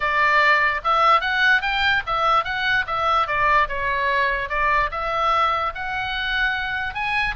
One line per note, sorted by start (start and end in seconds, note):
0.00 0.81 D5
0.84 1.21 E5
1.21 1.61 F#5
1.61 2.02 G5
2.06 2.44 E5
2.44 2.85 F#5
2.87 3.27 E5
3.27 3.67 D5
3.68 4.49 C#5
4.49 4.90 D5
4.91 5.72 E5
5.74 6.94 F#5
6.94 7.35 G#5